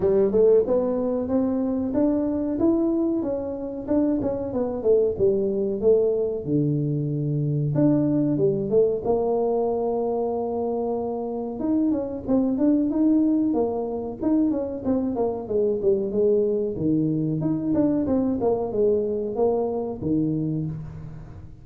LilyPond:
\new Staff \with { instrumentName = "tuba" } { \time 4/4 \tempo 4 = 93 g8 a8 b4 c'4 d'4 | e'4 cis'4 d'8 cis'8 b8 a8 | g4 a4 d2 | d'4 g8 a8 ais2~ |
ais2 dis'8 cis'8 c'8 d'8 | dis'4 ais4 dis'8 cis'8 c'8 ais8 | gis8 g8 gis4 dis4 dis'8 d'8 | c'8 ais8 gis4 ais4 dis4 | }